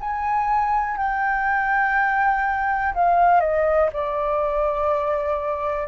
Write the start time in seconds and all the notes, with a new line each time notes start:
0.00 G#5
0.97 G5
2.95 F5
3.41 D#5
3.93 D5